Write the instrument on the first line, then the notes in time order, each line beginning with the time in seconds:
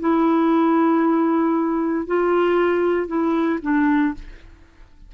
clarinet
0.00 E4
2.07 F4
3.08 E4
3.62 D4